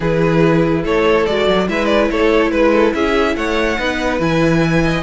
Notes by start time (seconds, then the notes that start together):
0.00 E3 E4 G#4 B4
0.82 A3 A4 C#5
1.26 G#3 F#4 D5
1.47 F#3
1.68 G#3 E4 B4 E5
1.85 D5
2.10 A3 A4 C#5
2.51 G#3 B4
2.72 A4
2.94 C#4 G#4 E5
3.35 A3 C#5 F#5
3.78 B3 D#4 B4
4.19 E3 E4 G#5
4.84 D#5